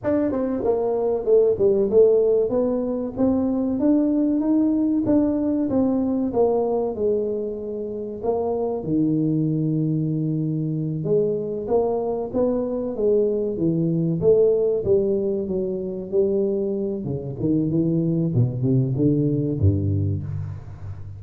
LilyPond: \new Staff \with { instrumentName = "tuba" } { \time 4/4 \tempo 4 = 95 d'8 c'8 ais4 a8 g8 a4 | b4 c'4 d'4 dis'4 | d'4 c'4 ais4 gis4~ | gis4 ais4 dis2~ |
dis4. gis4 ais4 b8~ | b8 gis4 e4 a4 g8~ | g8 fis4 g4. cis8 dis8 | e4 b,8 c8 d4 g,4 | }